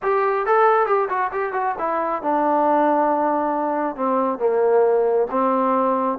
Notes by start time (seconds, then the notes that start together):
0.02 G4
0.46 A4
0.86 G4
1.09 F#4
1.31 G4
1.53 F#4
1.78 E4
2.22 D4
3.96 C4
4.39 A#3
5.30 C4